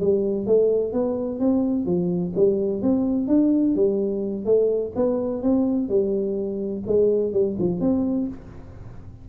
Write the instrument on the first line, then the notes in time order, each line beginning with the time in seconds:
tuba
0.00 G3
0.46 A3
0.93 B3
1.40 C4
1.86 F3
2.36 G3
2.82 C4
3.28 D4
3.75 G3
4.45 A3
4.96 B3
5.42 C4
5.89 G3
6.87 G#3
7.33 G3
7.59 F3
7.80 C4